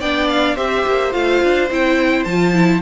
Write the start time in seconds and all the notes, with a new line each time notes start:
0.00 B3 D4 D5 G5
0.29 F5
0.55 C4 G4 C5 E5
0.87 A#3
1.12 A3 F4 F5
1.43 D4
1.70 C4 E4 G5
2.24 F3 F4 A5
2.53 E4